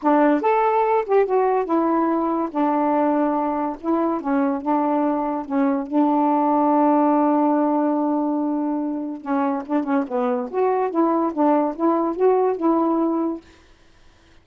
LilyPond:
\new Staff \with { instrumentName = "saxophone" } { \time 4/4 \tempo 4 = 143 d'4 a'4. g'8 fis'4 | e'2 d'2~ | d'4 e'4 cis'4 d'4~ | d'4 cis'4 d'2~ |
d'1~ | d'2 cis'4 d'8 cis'8 | b4 fis'4 e'4 d'4 | e'4 fis'4 e'2 | }